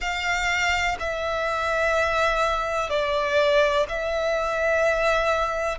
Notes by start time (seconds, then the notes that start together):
0.00 F5
0.99 E5
2.89 D5
3.88 E5